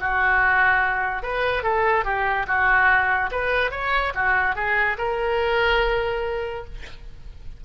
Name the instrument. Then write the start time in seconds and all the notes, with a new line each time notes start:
oboe
0.00 F#4
1.23 B4
1.64 A4
2.05 G4
2.47 F#4
3.31 B4
3.72 C#5
4.15 F#4
4.56 G#4
4.98 A#4